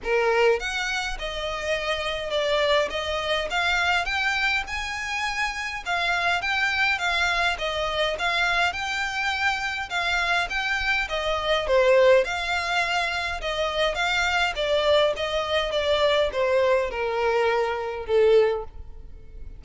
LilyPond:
\new Staff \with { instrumentName = "violin" } { \time 4/4 \tempo 4 = 103 ais'4 fis''4 dis''2 | d''4 dis''4 f''4 g''4 | gis''2 f''4 g''4 | f''4 dis''4 f''4 g''4~ |
g''4 f''4 g''4 dis''4 | c''4 f''2 dis''4 | f''4 d''4 dis''4 d''4 | c''4 ais'2 a'4 | }